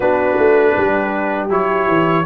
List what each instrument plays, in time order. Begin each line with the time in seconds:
0.00 tuba B3, trombone D4, horn F#4, trumpet B4
0.37 tuba A3
0.76 tuba G3, horn G4
1.49 tuba F#3, trombone E4, trumpet C#5
1.88 tuba E3